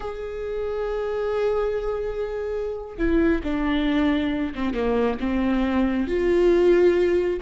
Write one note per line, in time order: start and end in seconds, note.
0.00 2.97 G#4
2.97 3.42 E4
3.43 4.54 D4
4.54 4.74 C4
4.74 5.18 A#3
5.20 6.07 C4
6.07 7.40 F4